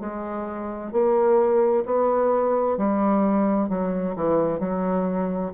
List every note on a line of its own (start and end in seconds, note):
0.00 0.92 G#3
0.92 1.85 A#3
1.85 2.77 B3
2.77 3.69 G3
3.69 4.15 F#3
4.16 4.60 E3
4.60 5.52 F#3